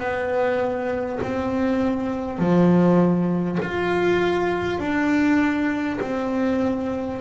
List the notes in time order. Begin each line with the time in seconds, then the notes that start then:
0.00 B3
1.23 C4
2.39 F3
3.62 F4
4.79 D4
6.01 C4